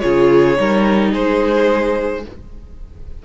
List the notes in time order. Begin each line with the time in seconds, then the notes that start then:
0.00 C#3 F4 G#4 C#5
0.57 G3 D#4 A#4
1.12 G#3 G#4 C5